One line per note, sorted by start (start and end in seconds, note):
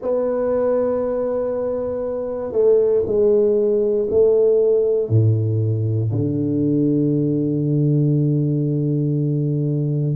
0.01 2.51 B3
2.51 3.02 A3
3.06 4.07 G#3
4.10 5.09 A3
5.09 6.11 A2
6.11 10.16 D3